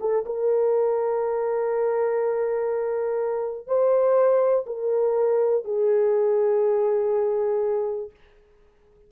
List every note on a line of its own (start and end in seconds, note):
0.00 0.25 A4
0.26 3.67 A#4
3.67 4.65 C5
4.66 5.64 A#4
5.65 8.11 G#4